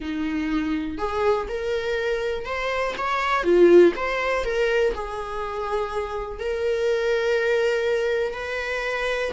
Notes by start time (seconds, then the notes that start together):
0.00 D#4
0.98 G#4
1.48 A#4
2.45 C5
2.97 C#5
3.43 F4
3.96 C5
4.44 A#4
4.94 G#4
6.39 A#4
8.33 B4